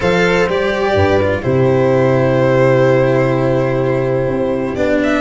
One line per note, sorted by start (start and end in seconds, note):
0.00 0.48 F3
0.00 0.47 A4
0.00 0.93 C5
0.00 0.49 F5
0.48 0.94 G3
0.48 1.20 G4
0.48 1.42 D5
0.94 1.42 G2
0.94 1.43 B4
1.22 1.42 F4
1.42 4.26 C3
1.42 4.75 E4
1.42 5.20 G4
1.42 4.75 C5
4.26 4.74 C4
4.75 5.20 B3
4.75 5.20 D4
4.75 4.99 D5
5.03 5.20 E5